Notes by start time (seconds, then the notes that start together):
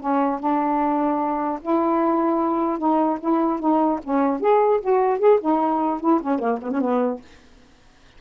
0.00 C#4
0.39 D4
1.62 E4
2.78 D#4
3.20 E4
3.59 D#4
4.03 C#4
4.40 G#4
4.81 F#4
5.19 G#4
5.41 D#4
6.01 E4
6.21 C#4
6.39 A#3
6.62 B3
6.72 C#4
6.81 B3